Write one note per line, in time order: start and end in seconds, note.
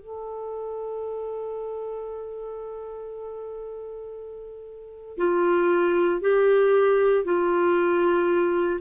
0.00 5.17 A4
5.18 6.21 F4
6.21 7.25 G4
7.25 8.80 F4